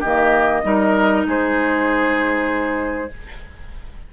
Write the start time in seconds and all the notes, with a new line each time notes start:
0.00 D#3 A#3 G4 D#5
0.63 G3 D#4 A#4
1.27 G#3 G#4 C5